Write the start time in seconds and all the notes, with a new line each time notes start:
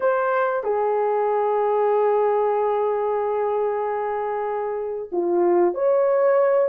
0.00 C5
0.63 G#4
5.12 F4
5.74 C#5